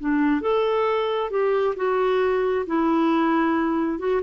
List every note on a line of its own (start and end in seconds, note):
0.00 0.42 D4
0.42 1.30 A4
1.30 1.75 G4
1.76 2.66 F#4
2.67 3.99 E4
3.99 4.21 F#4